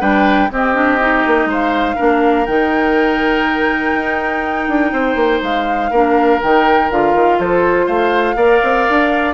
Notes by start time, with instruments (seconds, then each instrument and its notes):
0.00 bassoon G3, clarinet D4, oboe B4, flute G5
0.50 clarinet C4, bassoon C4, oboe G4, flute D#5
0.74 clarinet D4
1.00 clarinet D#4
1.26 bassoon A#3
1.45 bassoon G#3, oboe C5
1.52 flute F5
1.96 bassoon A#3, clarinet D4, oboe A#4
2.46 bassoon D#3, clarinet D#4, flute G5
3.94 bassoon D#4
4.68 bassoon D4
4.92 bassoon C4, oboe C5
5.15 bassoon A#3
5.42 bassoon G#3, flute F5
5.90 bassoon A#3, clarinet D4, oboe A#4
6.41 bassoon D#3, clarinet D#4, flute G5
6.91 bassoon D3, clarinet F4, flute F5
7.14 bassoon D#3
7.39 bassoon F3, oboe A4, flute C5
7.86 bassoon A3, oboe C5, flute F5
8.36 bassoon A#3, clarinet A#4, oboe D5
8.63 bassoon C4
8.89 bassoon D4